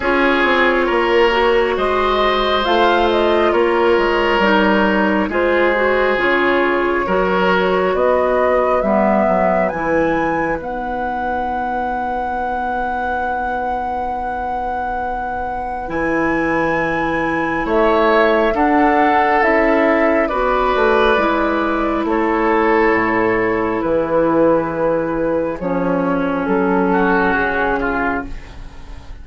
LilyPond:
<<
  \new Staff \with { instrumentName = "flute" } { \time 4/4 \tempo 4 = 68 cis''2 dis''4 f''8 dis''8 | cis''2 c''4 cis''4~ | cis''4 dis''4 e''4 gis''4 | fis''1~ |
fis''2 gis''2 | e''4 fis''4 e''4 d''4~ | d''4 cis''2 b'4~ | b'4 cis''4 a'4 gis'4 | }
  \new Staff \with { instrumentName = "oboe" } { \time 4/4 gis'4 ais'4 c''2 | ais'2 gis'2 | ais'4 b'2.~ | b'1~ |
b'1 | cis''4 a'2 b'4~ | b'4 a'2 gis'4~ | gis'2~ gis'8 fis'4 f'8 | }
  \new Staff \with { instrumentName = "clarinet" } { \time 4/4 f'4. fis'4. f'4~ | f'4 dis'4 f'8 fis'8 f'4 | fis'2 b4 e'4 | dis'1~ |
dis'2 e'2~ | e'4 d'4 e'4 fis'4 | e'1~ | e'4 cis'2. | }
  \new Staff \with { instrumentName = "bassoon" } { \time 4/4 cis'8 c'8 ais4 gis4 a4 | ais8 gis8 g4 gis4 cis4 | fis4 b4 g8 fis8 e4 | b1~ |
b2 e2 | a4 d'4 cis'4 b8 a8 | gis4 a4 a,4 e4~ | e4 f4 fis4 cis4 | }
>>